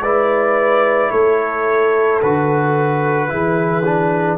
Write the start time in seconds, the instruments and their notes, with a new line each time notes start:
0.00 tuba G#3, trombone E4, horn B4, trumpet D5
1.11 tuba A3, horn A4, trumpet C#5
2.22 tuba D3, trombone F#4, trumpet B4
3.29 tuba E3, trombone E4, horn G#4
3.85 trombone D4